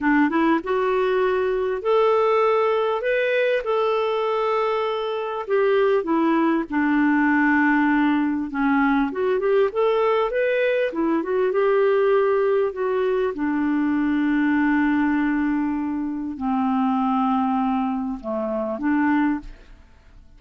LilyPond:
\new Staff \with { instrumentName = "clarinet" } { \time 4/4 \tempo 4 = 99 d'8 e'8 fis'2 a'4~ | a'4 b'4 a'2~ | a'4 g'4 e'4 d'4~ | d'2 cis'4 fis'8 g'8 |
a'4 b'4 e'8 fis'8 g'4~ | g'4 fis'4 d'2~ | d'2. c'4~ | c'2 a4 d'4 | }